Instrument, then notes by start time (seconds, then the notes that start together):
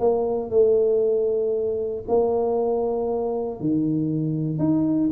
tuba
0.00 A#3
0.50 A3
2.08 A#3
3.60 D#3
4.59 D#4